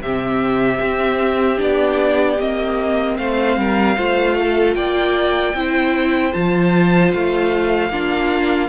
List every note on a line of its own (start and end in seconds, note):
0.00 0.79 C3
0.00 1.57 C4
0.00 3.18 G4
0.00 1.60 E5
0.80 1.59 C4
1.57 2.38 B3
1.57 2.36 D4
1.57 2.40 D5
2.38 3.17 A#3
2.38 3.96 C4
2.38 3.17 D#5
3.17 3.57 A3
3.17 3.59 C5
3.17 4.75 F5
3.57 3.96 G3
3.57 3.97 A#4
3.96 4.75 A3
3.96 5.54 F4
3.96 4.36 C5
4.40 4.76 A4
4.75 5.54 A#3
4.75 5.55 D5
4.75 6.33 G5
5.54 6.33 C4
5.54 6.32 E4
5.54 7.91 C5
6.32 7.13 F3
6.32 7.90 F4
6.32 7.12 A5
7.12 7.89 A3
7.12 8.69 F5
7.89 8.68 A#3
7.89 8.69 D4
7.89 8.69 F4